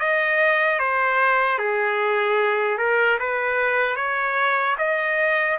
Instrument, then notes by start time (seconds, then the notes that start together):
trumpet
0.00 D#5
0.80 C5
1.59 G#4
2.79 A#4
3.20 B4
3.96 C#5
4.79 D#5